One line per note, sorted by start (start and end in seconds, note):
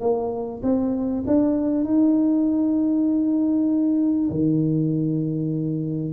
0.00 0.61 A#3
0.63 1.24 C4
1.27 1.84 D4
1.84 4.29 D#4
4.30 6.13 D#3